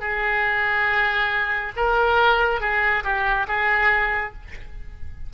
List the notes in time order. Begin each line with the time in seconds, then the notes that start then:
0.00 G#4
1.76 A#4
2.61 G#4
3.04 G4
3.48 G#4